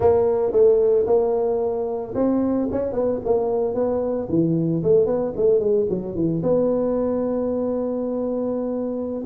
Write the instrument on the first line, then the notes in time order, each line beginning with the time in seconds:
tuba
0.00 A#3
0.51 A3
1.06 A#3
2.15 C4
2.71 C#4
2.92 B3
3.24 A#3
3.74 B3
4.29 E3
4.83 A3
5.06 B3
5.36 A3
5.59 G#3
5.89 F#3
6.15 E3
6.42 B3